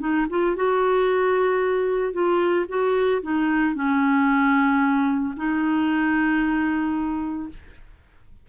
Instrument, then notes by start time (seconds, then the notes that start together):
clarinet
0.00 D#4
0.30 F4
0.56 F#4
2.13 F4
2.69 F#4
3.23 D#4
3.76 C#4
5.37 D#4